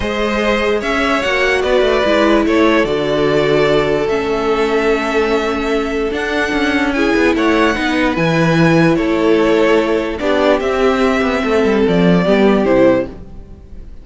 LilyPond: <<
  \new Staff \with { instrumentName = "violin" } { \time 4/4 \tempo 4 = 147 dis''2 e''4 fis''4 | d''2 cis''4 d''4~ | d''2 e''2~ | e''2. fis''4~ |
fis''4 gis''4 fis''2 | gis''2 cis''2~ | cis''4 d''4 e''2~ | e''4 d''2 c''4 | }
  \new Staff \with { instrumentName = "violin" } { \time 4/4 c''2 cis''2 | b'2 a'2~ | a'1~ | a'1~ |
a'4 gis'4 cis''4 b'4~ | b'2 a'2~ | a'4 g'2. | a'2 g'2 | }
  \new Staff \with { instrumentName = "viola" } { \time 4/4 gis'2. fis'4~ | fis'4 e'2 fis'4~ | fis'2 cis'2~ | cis'2. d'4~ |
d'4 e'2 dis'4 | e'1~ | e'4 d'4 c'2~ | c'2 b4 e'4 | }
  \new Staff \with { instrumentName = "cello" } { \time 4/4 gis2 cis'4 ais4 | b8 a8 gis4 a4 d4~ | d2 a2~ | a2. d'4 |
cis'4. b8 a4 b4 | e2 a2~ | a4 b4 c'4. b8 | a8 g8 f4 g4 c4 | }
>>